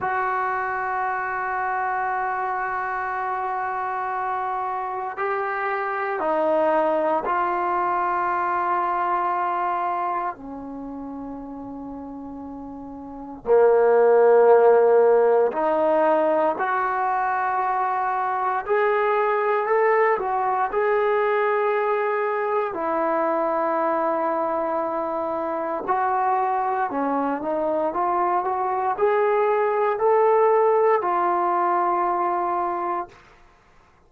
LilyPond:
\new Staff \with { instrumentName = "trombone" } { \time 4/4 \tempo 4 = 58 fis'1~ | fis'4 g'4 dis'4 f'4~ | f'2 cis'2~ | cis'4 ais2 dis'4 |
fis'2 gis'4 a'8 fis'8 | gis'2 e'2~ | e'4 fis'4 cis'8 dis'8 f'8 fis'8 | gis'4 a'4 f'2 | }